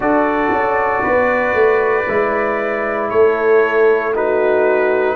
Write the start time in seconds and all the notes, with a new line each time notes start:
0.00 D4 F#4 A4 D5
0.50 C#4
1.02 B3 B4
1.54 A3
2.08 G#3 E4
3.09 A3 A4 C#5
4.14 D#4 F#4 B4